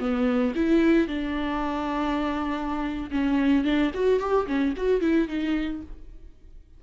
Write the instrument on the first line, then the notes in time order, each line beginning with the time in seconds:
viola
0.00 B3
0.56 E4
1.08 D4
3.12 C#4
3.65 D4
3.94 F#4
4.20 G4
4.47 C#4
4.77 F#4
5.01 E4
5.28 D#4